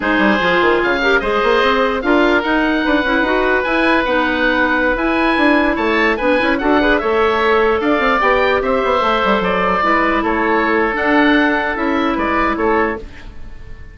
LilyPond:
<<
  \new Staff \with { instrumentName = "oboe" } { \time 4/4 \tempo 4 = 148 c''2 f''4 dis''4~ | dis''4 f''4 fis''2~ | fis''4 gis''4 fis''2~ | fis''16 gis''2 a''4 gis''8.~ |
gis''16 fis''4 e''2 f''8.~ | f''16 g''4 e''2 d''8.~ | d''4~ d''16 cis''4.~ cis''16 fis''4~ | fis''4 e''4 d''4 cis''4 | }
  \new Staff \with { instrumentName = "oboe" } { \time 4/4 gis'2~ gis'8 ais'8 c''4~ | c''4 ais'2 b'4~ | b'1~ | b'2~ b'16 cis''4 b'8.~ |
b'16 a'8 b'8 cis''2 d''8.~ | d''4~ d''16 c''2~ c''8.~ | c''16 b'4 a'2~ a'8.~ | a'2 b'4 a'4 | }
  \new Staff \with { instrumentName = "clarinet" } { \time 4/4 dis'4 f'4. g'8 gis'4~ | gis'4 f'4 dis'4. e'8 | fis'4 e'4 dis'2~ | dis'16 e'2. d'8 e'16~ |
e'16 fis'8 gis'8 a'2~ a'8.~ | a'16 g'2 a'4.~ a'16~ | a'16 e'2~ e'8. d'4~ | d'4 e'2. | }
  \new Staff \with { instrumentName = "bassoon" } { \time 4/4 gis8 g8 f8 dis8 cis4 gis8 ais8 | c'4 d'4 dis'4 d'8 cis'8 | dis'4 e'4 b2~ | b16 e'4 d'4 a4 b8 cis'16~ |
cis'16 d'4 a2 d'8 c'16~ | c'16 b4 c'8 b8 a8 g8 fis8.~ | fis16 gis4 a4.~ a16 d'4~ | d'4 cis'4 gis4 a4 | }
>>